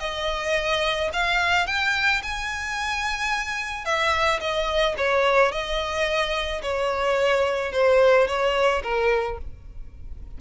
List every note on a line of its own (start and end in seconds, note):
0.00 1.10 D#5
1.13 1.67 F5
1.67 2.22 G5
2.23 3.85 G#5
3.85 4.40 E5
4.40 4.95 D#5
4.97 5.52 C#5
5.52 6.62 D#5
6.62 7.72 C#5
7.72 8.27 C5
8.27 8.82 C#5
8.83 9.38 A#4